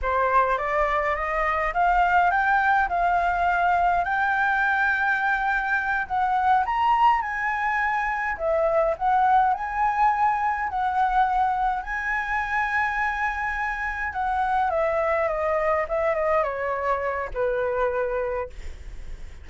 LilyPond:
\new Staff \with { instrumentName = "flute" } { \time 4/4 \tempo 4 = 104 c''4 d''4 dis''4 f''4 | g''4 f''2 g''4~ | g''2~ g''8 fis''4 ais''8~ | ais''8 gis''2 e''4 fis''8~ |
fis''8 gis''2 fis''4.~ | fis''8 gis''2.~ gis''8~ | gis''8 fis''4 e''4 dis''4 e''8 | dis''8 cis''4. b'2 | }